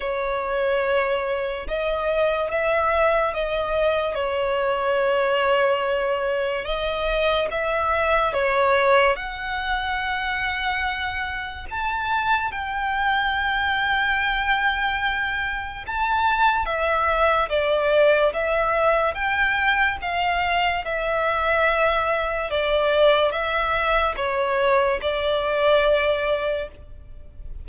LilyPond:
\new Staff \with { instrumentName = "violin" } { \time 4/4 \tempo 4 = 72 cis''2 dis''4 e''4 | dis''4 cis''2. | dis''4 e''4 cis''4 fis''4~ | fis''2 a''4 g''4~ |
g''2. a''4 | e''4 d''4 e''4 g''4 | f''4 e''2 d''4 | e''4 cis''4 d''2 | }